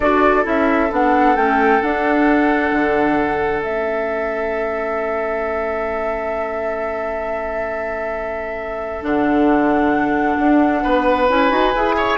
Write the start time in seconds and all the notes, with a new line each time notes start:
0.00 D4 F#4 A4 D5
0.43 C#4 E4 E5
0.90 B3 D4 F#5
1.35 A3 C#4 G5
1.81 D4 F#5
2.71 D3
3.62 A3 C#4 E5
9.02 D3 D4 F#5
10.38 D4
10.83 B3 B4
11.28 C#4 E4 G#5
11.49 D#4 F#4
11.75 E4 G#4
11.97 C#5